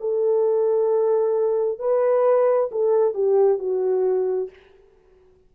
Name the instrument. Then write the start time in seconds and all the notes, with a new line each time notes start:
horn
0.00 A4
1.79 B4
2.71 A4
3.14 G4
3.59 F#4